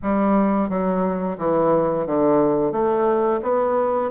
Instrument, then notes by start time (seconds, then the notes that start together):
bassoon
0.02 G3
0.68 F#3
1.38 E3
2.06 D3
2.72 A3
3.42 B3